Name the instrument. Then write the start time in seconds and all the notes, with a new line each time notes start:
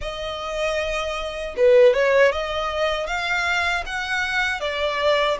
violin
0.01 D#5
1.57 B4
1.93 C#5
2.31 D#5
3.07 F5
3.86 F#5
4.60 D5